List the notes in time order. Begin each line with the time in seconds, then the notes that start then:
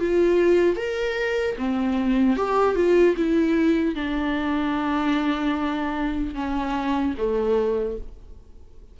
0.00 F4
0.77 A#4
1.58 C4
2.37 G4
2.76 F4
3.17 E4
3.96 D4
6.35 C#4
7.18 A3